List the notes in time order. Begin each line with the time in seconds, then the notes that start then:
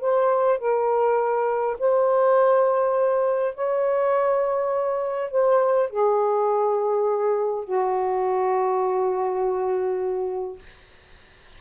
0.00 C5
0.58 A#4
1.79 C5
3.54 C#5
5.31 C5
5.89 G#4
7.64 F#4